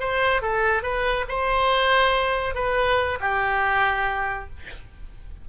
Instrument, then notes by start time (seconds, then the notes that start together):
oboe
0.00 C5
0.42 A4
0.83 B4
1.28 C5
2.55 B4
3.20 G4